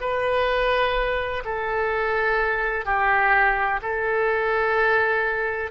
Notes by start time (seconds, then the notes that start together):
0.00 B4
1.45 A4
2.85 G4
3.82 A4